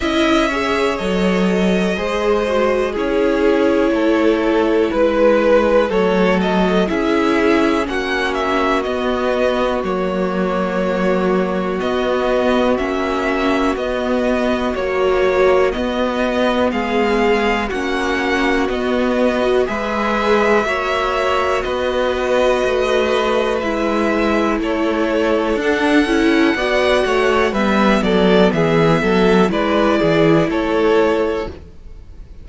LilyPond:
<<
  \new Staff \with { instrumentName = "violin" } { \time 4/4 \tempo 4 = 61 e''4 dis''2 cis''4~ | cis''4 b'4 cis''8 dis''8 e''4 | fis''8 e''8 dis''4 cis''2 | dis''4 e''4 dis''4 cis''4 |
dis''4 f''4 fis''4 dis''4 | e''2 dis''2 | e''4 cis''4 fis''2 | e''8 d''8 e''4 d''4 cis''4 | }
  \new Staff \with { instrumentName = "violin" } { \time 4/4 dis''8 cis''4. c''4 gis'4 | a'4 b'4 a'4 gis'4 | fis'1~ | fis'1~ |
fis'4 gis'4 fis'2 | b'4 cis''4 b'2~ | b'4 a'2 d''8 cis''8 | b'8 a'8 gis'8 a'8 b'8 gis'8 a'4 | }
  \new Staff \with { instrumentName = "viola" } { \time 4/4 e'8 gis'8 a'4 gis'8 fis'8 e'4~ | e'2 a4 e'4 | cis'4 b4 ais2 | b4 cis'4 b4 fis4 |
b2 cis'4 b8. fis'16 | gis'4 fis'2. | e'2 d'8 e'8 fis'4 | b2 e'2 | }
  \new Staff \with { instrumentName = "cello" } { \time 4/4 cis'4 fis4 gis4 cis'4 | a4 gis4 fis4 cis'4 | ais4 b4 fis2 | b4 ais4 b4 ais4 |
b4 gis4 ais4 b4 | gis4 ais4 b4 a4 | gis4 a4 d'8 cis'8 b8 a8 | g8 fis8 e8 fis8 gis8 e8 a4 | }
>>